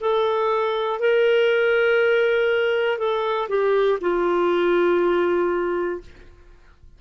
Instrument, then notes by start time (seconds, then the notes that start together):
clarinet
0.00 A4
0.99 A#4
2.98 A4
3.48 G4
4.00 F4